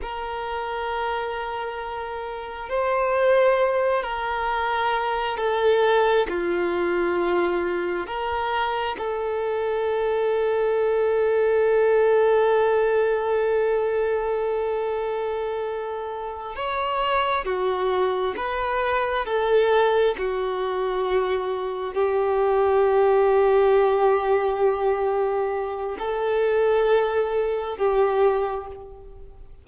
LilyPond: \new Staff \with { instrumentName = "violin" } { \time 4/4 \tempo 4 = 67 ais'2. c''4~ | c''8 ais'4. a'4 f'4~ | f'4 ais'4 a'2~ | a'1~ |
a'2~ a'8 cis''4 fis'8~ | fis'8 b'4 a'4 fis'4.~ | fis'8 g'2.~ g'8~ | g'4 a'2 g'4 | }